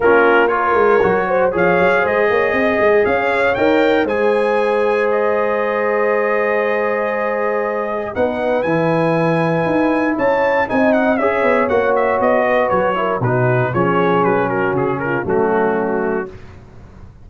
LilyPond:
<<
  \new Staff \with { instrumentName = "trumpet" } { \time 4/4 \tempo 4 = 118 ais'4 cis''2 f''4 | dis''2 f''4 g''4 | gis''2 dis''2~ | dis''1 |
fis''4 gis''2. | a''4 gis''8 fis''8 e''4 fis''8 e''8 | dis''4 cis''4 b'4 cis''4 | b'8 ais'8 gis'8 ais'8 fis'2 | }
  \new Staff \with { instrumentName = "horn" } { \time 4/4 f'4 ais'4. c''8 cis''4 | c''8 cis''8 dis''4 cis''2 | c''1~ | c''1 |
b'1 | cis''4 dis''4 cis''2~ | cis''8 b'4 ais'8 fis'4 gis'4~ | gis'8 fis'4 f'8 cis'2 | }
  \new Staff \with { instrumentName = "trombone" } { \time 4/4 cis'4 f'4 fis'4 gis'4~ | gis'2. ais'4 | gis'1~ | gis'1 |
dis'4 e'2.~ | e'4 dis'4 gis'4 fis'4~ | fis'4. e'8 dis'4 cis'4~ | cis'2 a2 | }
  \new Staff \with { instrumentName = "tuba" } { \time 4/4 ais4. gis8 fis4 f8 fis8 | gis8 ais8 c'8 gis8 cis'4 dis'4 | gis1~ | gis1 |
b4 e2 dis'4 | cis'4 c'4 cis'8 b8 ais4 | b4 fis4 b,4 f4 | fis4 cis4 fis2 | }
>>